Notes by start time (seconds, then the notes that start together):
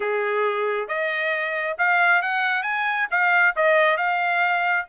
0.00 G#4
0.87 D#5
1.78 F5
2.22 F#5
2.63 G#5
3.11 F5
3.56 D#5
3.97 F5